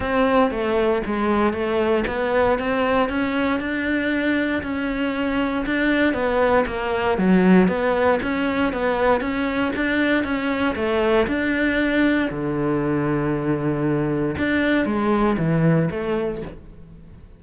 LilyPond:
\new Staff \with { instrumentName = "cello" } { \time 4/4 \tempo 4 = 117 c'4 a4 gis4 a4 | b4 c'4 cis'4 d'4~ | d'4 cis'2 d'4 | b4 ais4 fis4 b4 |
cis'4 b4 cis'4 d'4 | cis'4 a4 d'2 | d1 | d'4 gis4 e4 a4 | }